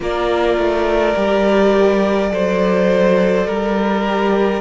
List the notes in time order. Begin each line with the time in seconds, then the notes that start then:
0.00 A#3 F4 A#4 D5
0.57 A3
1.15 G3 G4
2.30 F#3 A4 C5
3.46 G3 A#4
4.04 G4